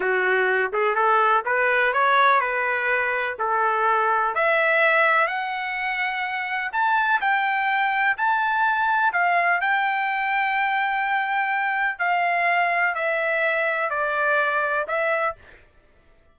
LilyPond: \new Staff \with { instrumentName = "trumpet" } { \time 4/4 \tempo 4 = 125 fis'4. gis'8 a'4 b'4 | cis''4 b'2 a'4~ | a'4 e''2 fis''4~ | fis''2 a''4 g''4~ |
g''4 a''2 f''4 | g''1~ | g''4 f''2 e''4~ | e''4 d''2 e''4 | }